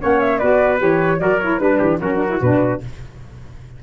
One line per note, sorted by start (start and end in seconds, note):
0.00 0.43 A#3
0.00 0.40 C#4
0.00 0.40 C#5
0.00 0.20 F#5
0.20 0.39 E5
0.39 0.82 B3
0.39 0.79 F#4
0.39 1.20 B4
0.39 0.79 D5
0.79 1.20 E3
0.79 1.19 G4
0.79 1.20 C#5
1.19 1.60 F#3
1.19 1.39 F#4
1.19 1.62 A#4
1.19 1.40 D5
1.40 1.61 E4
1.40 1.59 C#5
1.59 1.81 G3
1.59 2.01 D4
1.59 1.99 B4
1.59 1.79 B4
1.79 2.00 E3
1.79 1.99 G4
2.00 2.40 F#3
2.00 2.17 C#4
2.00 2.81 F#4
2.00 2.41 A#4
2.17 2.27 D4
2.30 2.40 E4
2.41 2.82 B2
2.41 2.83 D4
2.41 2.81 B4